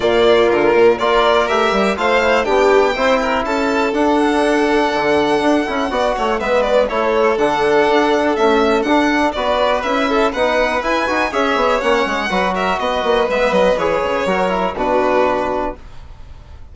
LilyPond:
<<
  \new Staff \with { instrumentName = "violin" } { \time 4/4 \tempo 4 = 122 d''4 ais'4 d''4 e''4 | f''4 g''2 a''4 | fis''1~ | fis''4 e''8 d''8 cis''4 fis''4~ |
fis''4 e''4 fis''4 d''4 | e''4 fis''4 gis''4 e''4 | fis''4. e''8 dis''4 e''8 dis''8 | cis''2 b'2 | }
  \new Staff \with { instrumentName = "violin" } { \time 4/4 f'2 ais'2 | c''4 g'4 c''8 ais'8 a'4~ | a'1 | d''8 cis''8 b'4 a'2~ |
a'2. b'4~ | b'8 a'8 b'2 cis''4~ | cis''4 b'8 ais'8 b'2~ | b'4 ais'4 fis'2 | }
  \new Staff \with { instrumentName = "trombone" } { \time 4/4 ais2 f'4 g'4 | f'8 e'8 d'4 e'2 | d'2.~ d'8 e'8 | fis'4 b4 e'4 d'4~ |
d'4 a4 d'4 fis'4 | e'4 dis'4 e'8 fis'8 gis'4 | cis'4 fis'2 b4 | gis'4 fis'8 e'8 d'2 | }
  \new Staff \with { instrumentName = "bassoon" } { \time 4/4 ais,4 d8 ais,8 ais4 a8 g8 | a4 b4 c'4 cis'4 | d'2 d4 d'8 cis'8 | b8 a8 gis4 a4 d4 |
d'4 cis'4 d'4 b4 | cis'4 b4 e'8 dis'8 cis'8 b8 | ais8 gis8 fis4 b8 ais8 gis8 fis8 | e8 cis8 fis4 b,2 | }
>>